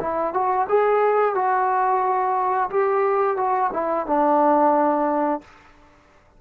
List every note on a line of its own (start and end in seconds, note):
0.00 0.34 E4
0.34 0.68 F#4
0.69 1.35 G#4
1.35 2.70 F#4
2.70 3.37 G4
3.37 3.70 F#4
3.73 4.07 E4
4.07 5.41 D4